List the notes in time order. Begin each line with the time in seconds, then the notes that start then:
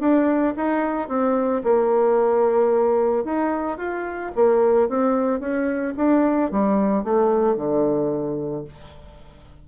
0.00 D4
0.56 D#4
1.08 C4
1.64 A#3
3.25 D#4
3.78 F4
4.35 A#3
4.89 C4
5.40 C#4
5.97 D4
6.51 G3
7.04 A3
7.56 D3